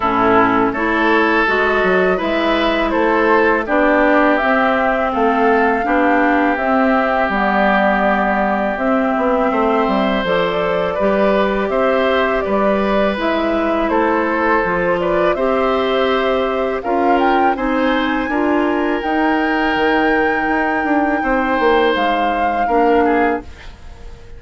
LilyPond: <<
  \new Staff \with { instrumentName = "flute" } { \time 4/4 \tempo 4 = 82 a'4 cis''4 dis''4 e''4 | c''4 d''4 e''4 f''4~ | f''4 e''4 d''2 | e''2 d''2 |
e''4 d''4 e''4 c''4~ | c''8 d''8 e''2 f''8 g''8 | gis''2 g''2~ | g''2 f''2 | }
  \new Staff \with { instrumentName = "oboe" } { \time 4/4 e'4 a'2 b'4 | a'4 g'2 a'4 | g'1~ | g'4 c''2 b'4 |
c''4 b'2 a'4~ | a'8 b'8 c''2 ais'4 | c''4 ais'2.~ | ais'4 c''2 ais'8 gis'8 | }
  \new Staff \with { instrumentName = "clarinet" } { \time 4/4 cis'4 e'4 fis'4 e'4~ | e'4 d'4 c'2 | d'4 c'4 b2 | c'2 a'4 g'4~ |
g'2 e'2 | f'4 g'2 f'4 | dis'4 f'4 dis'2~ | dis'2. d'4 | }
  \new Staff \with { instrumentName = "bassoon" } { \time 4/4 a,4 a4 gis8 fis8 gis4 | a4 b4 c'4 a4 | b4 c'4 g2 | c'8 b8 a8 g8 f4 g4 |
c'4 g4 gis4 a4 | f4 c'2 cis'4 | c'4 d'4 dis'4 dis4 | dis'8 d'8 c'8 ais8 gis4 ais4 | }
>>